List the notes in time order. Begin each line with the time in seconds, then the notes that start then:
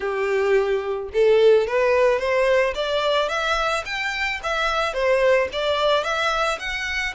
0.00 G4
1.13 A4
1.67 B4
2.19 C5
2.74 D5
3.29 E5
3.85 G5
4.43 E5
4.93 C5
5.52 D5
6.03 E5
6.59 F#5